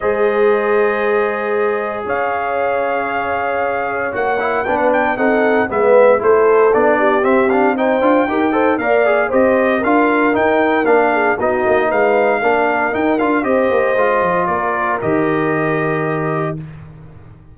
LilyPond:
<<
  \new Staff \with { instrumentName = "trumpet" } { \time 4/4 \tempo 4 = 116 dis''1 | f''1 | fis''4 g''16 fis''16 g''8 fis''4 e''4 | c''4 d''4 e''8 f''8 g''4~ |
g''4 f''4 dis''4 f''4 | g''4 f''4 dis''4 f''4~ | f''4 g''8 f''8 dis''2 | d''4 dis''2. | }
  \new Staff \with { instrumentName = "horn" } { \time 4/4 c''1 | cis''1~ | cis''4 b'4 a'4 b'4 | a'4. g'4. c''4 |
ais'8 c''8 d''4 c''4 ais'4~ | ais'4. gis'8 fis'4 b'4 | ais'2 c''2 | ais'1 | }
  \new Staff \with { instrumentName = "trombone" } { \time 4/4 gis'1~ | gis'1 | fis'8 e'8 d'4 dis'4 b4 | e'4 d'4 c'8 d'8 dis'8 f'8 |
g'8 a'8 ais'8 gis'8 g'4 f'4 | dis'4 d'4 dis'2 | d'4 dis'8 f'8 g'4 f'4~ | f'4 g'2. | }
  \new Staff \with { instrumentName = "tuba" } { \time 4/4 gis1 | cis'1 | ais4 b4 c'4 gis4 | a4 b4 c'4. d'8 |
dis'4 ais4 c'4 d'4 | dis'4 ais4 b8 ais8 gis4 | ais4 dis'8 d'8 c'8 ais8 gis8 f8 | ais4 dis2. | }
>>